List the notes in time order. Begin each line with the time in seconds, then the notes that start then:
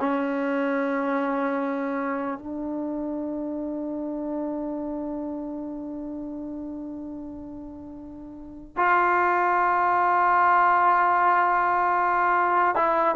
0.00 C#4
2.39 D4
8.77 F4
12.76 E4